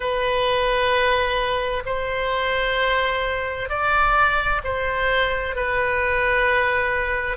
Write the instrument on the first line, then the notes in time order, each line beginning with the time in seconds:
oboe
0.00 B4
1.85 C5
3.69 D5
4.64 C5
5.56 B4